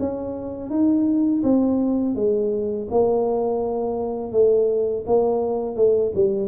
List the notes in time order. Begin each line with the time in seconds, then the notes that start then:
0.00 C#4
0.70 D#4
1.43 C4
2.16 G#3
2.91 A#3
4.32 A3
5.07 A#3
5.76 A3
6.15 G3